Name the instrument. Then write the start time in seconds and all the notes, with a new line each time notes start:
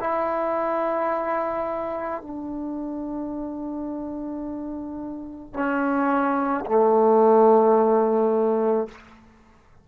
trombone
0.00 E4
2.22 D4
5.54 C#4
6.66 A3